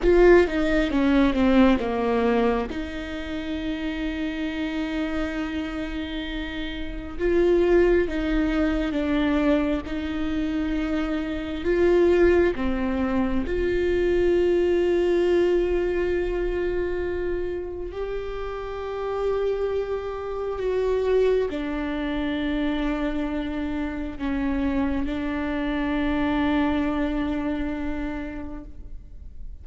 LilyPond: \new Staff \with { instrumentName = "viola" } { \time 4/4 \tempo 4 = 67 f'8 dis'8 cis'8 c'8 ais4 dis'4~ | dis'1 | f'4 dis'4 d'4 dis'4~ | dis'4 f'4 c'4 f'4~ |
f'1 | g'2. fis'4 | d'2. cis'4 | d'1 | }